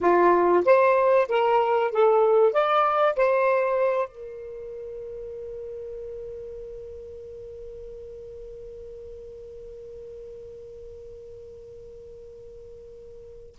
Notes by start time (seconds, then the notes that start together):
0.00 F4
0.65 C5
1.28 A#4
1.91 A4
2.52 D5
3.16 C5
4.08 A#4